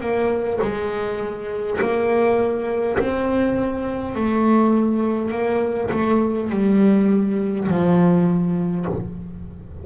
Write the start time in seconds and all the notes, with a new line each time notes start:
0.00 A#3
0.61 G#3
1.81 A#3
2.99 C4
4.15 A3
5.31 A#3
5.91 A3
6.50 G3
7.68 F3